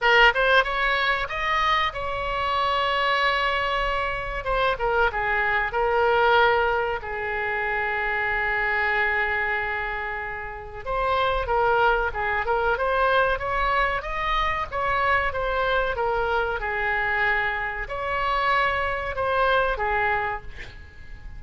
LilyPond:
\new Staff \with { instrumentName = "oboe" } { \time 4/4 \tempo 4 = 94 ais'8 c''8 cis''4 dis''4 cis''4~ | cis''2. c''8 ais'8 | gis'4 ais'2 gis'4~ | gis'1~ |
gis'4 c''4 ais'4 gis'8 ais'8 | c''4 cis''4 dis''4 cis''4 | c''4 ais'4 gis'2 | cis''2 c''4 gis'4 | }